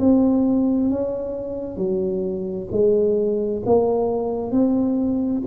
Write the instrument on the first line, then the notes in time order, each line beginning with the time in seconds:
tuba
0.00 C4
0.90 C#4
1.77 F#3
2.72 G#3
3.66 A#3
4.52 C4